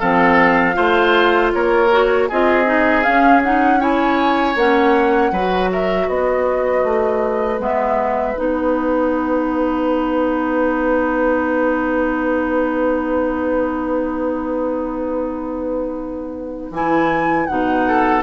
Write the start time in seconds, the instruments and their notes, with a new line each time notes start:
0.00 bassoon F3, clarinet C4, oboe A4, flute F5
0.74 bassoon A3, clarinet F4, oboe C5
1.54 bassoon A#3, oboe A#4, flute C#5
1.92 clarinet F#4
2.29 bassoon C4, clarinet F4, oboe G#4, flute D#5
2.66 clarinet D#4
3.04 clarinet C#4, bassoon C#4, flute F5
3.44 clarinet D#4, flute F#5
3.80 clarinet E4, oboe C#5, flute G#5
4.56 bassoon A#3, clarinet C#4, flute F#5
5.32 bassoon F#3, clarinet F#4, oboe B4
5.72 oboe A#4, flute E5
6.07 bassoon B3, oboe B4, flute D#5
6.84 bassoon A3
7.60 bassoon G#3, clarinet B3, flute E5
8.36 bassoon B3, clarinet D#4, flute F#5
16.71 bassoon E3, clarinet E4, flute G#5
17.47 bassoon B2, clarinet D#4, flute F#5
17.88 oboe A4